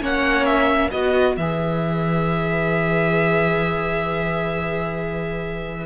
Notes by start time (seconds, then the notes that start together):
0.00 A#3 C#4 C#5 F#5
0.45 E5
0.91 B3 F#4 B4 D#5
1.36 E3 G#4 E5